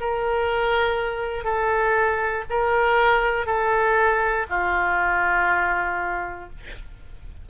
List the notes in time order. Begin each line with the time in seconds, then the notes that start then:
0.00 A#4
1.44 A4
2.50 A#4
3.46 A4
4.49 F4